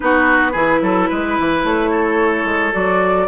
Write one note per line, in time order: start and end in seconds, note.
0.00 0.54 B3
0.00 0.51 D#4
0.00 0.52 F#4
0.00 1.64 B4
0.52 0.81 E3
0.52 2.72 E4
0.52 0.79 G#4
0.81 1.08 F#3
0.81 1.09 A4
1.09 1.38 G#3
1.09 1.90 B4
1.39 1.63 E3
1.63 2.44 A3
1.63 2.74 C#5
1.90 3.27 A4
2.44 2.71 G#3
2.72 3.28 F#3
2.72 3.27 F#4
2.72 3.28 D5